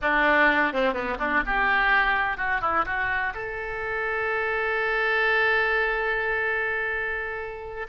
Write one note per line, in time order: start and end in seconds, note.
0.01 0.73 D4
0.73 0.93 C4
0.93 1.17 B3
1.19 1.43 D4
1.46 2.37 G4
2.37 2.61 F#4
2.61 2.85 E4
2.85 3.33 F#4
3.34 7.87 A4